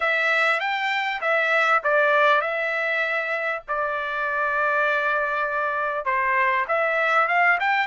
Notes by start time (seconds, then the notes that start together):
0.00 E5
0.60 G5
1.21 E5
1.83 D5
2.41 E5
3.67 D5
6.05 C5
6.68 E5
7.28 F5
7.60 G5